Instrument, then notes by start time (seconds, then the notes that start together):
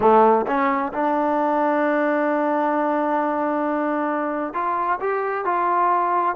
trombone
0.00 A3
0.46 C#4
0.92 D4
4.53 F4
5.00 G4
5.44 F4